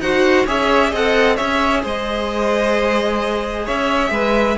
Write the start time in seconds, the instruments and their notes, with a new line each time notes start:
0.00 cello D#4, viola F#4, violin C5 F#5
0.46 cello C#4, viola G#4, violin C#5 E5
0.90 cello C4, viola A4, violin D#5 F#5
1.36 cello C#4, viola G#4, violin C#5 E5
1.83 cello G#3, violin C5 D#5
3.65 cello C#4, violin C#5 E5
4.10 cello G#3, violin B4